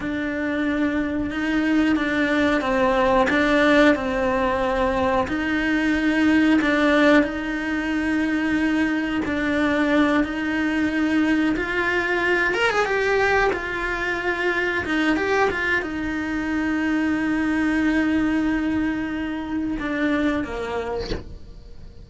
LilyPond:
\new Staff \with { instrumentName = "cello" } { \time 4/4 \tempo 4 = 91 d'2 dis'4 d'4 | c'4 d'4 c'2 | dis'2 d'4 dis'4~ | dis'2 d'4. dis'8~ |
dis'4. f'4. ais'16 gis'16 g'8~ | g'8 f'2 dis'8 g'8 f'8 | dis'1~ | dis'2 d'4 ais4 | }